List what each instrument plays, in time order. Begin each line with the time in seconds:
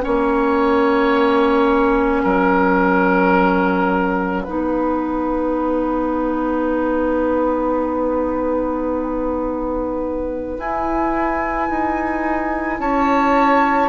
0.00 clarinet C#4, oboe C#5, flute F#5
0.06 bassoon A#3
2.23 bassoon F#3, oboe A#4
4.44 bassoon B3, clarinet D#4, oboe B4
10.58 clarinet E4, bassoon E4, flute G#5
11.70 bassoon D#4
12.80 bassoon C#4, oboe C#5, flute A5